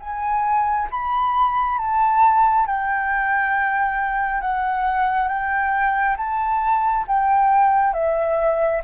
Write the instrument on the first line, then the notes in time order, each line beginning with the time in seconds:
flute
0.00 G#5
0.91 B5
1.78 A5
2.66 G5
4.41 F#5
5.28 G5
6.17 A5
7.07 G5
7.94 E5